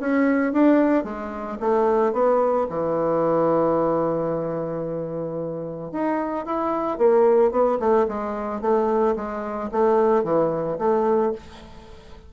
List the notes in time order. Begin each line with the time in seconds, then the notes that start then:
0.00 C#4
0.52 D4
1.04 G#3
1.60 A3
2.13 B3
2.70 E3
5.92 D#4
6.45 E4
6.98 A#3
7.51 B3
7.79 A3
8.08 G#3
8.61 A3
9.16 G#3
9.71 A3
10.23 E3
10.78 A3